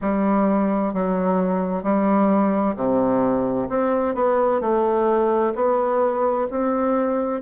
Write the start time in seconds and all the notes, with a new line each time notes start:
0.01 G3
0.93 F#3
1.83 G3
2.76 C3
3.69 C4
4.15 B3
4.61 A3
5.55 B3
6.50 C4